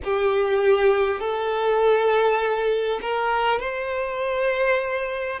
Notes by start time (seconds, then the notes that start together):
0.04 G4
1.20 A4
3.01 A#4
3.59 C5